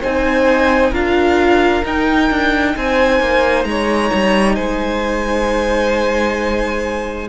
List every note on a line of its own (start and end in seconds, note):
0.00 0.92 C4
0.00 0.93 D#4
0.00 0.91 C5
0.00 0.94 G#5
0.91 1.83 D4
0.91 1.84 F4
0.91 2.73 A#4
0.91 1.85 F5
1.85 2.30 D#4
1.85 7.29 D#4
1.85 2.77 G5
2.30 2.76 D4
2.76 3.20 C4
2.76 3.68 C5
2.76 3.64 G#5
3.20 3.65 A#3
3.64 4.10 G#3
3.64 4.55 C#5
3.64 4.55 A#5
4.13 4.58 G3
4.55 7.29 G#3
4.55 7.28 C5
4.55 7.28 G#5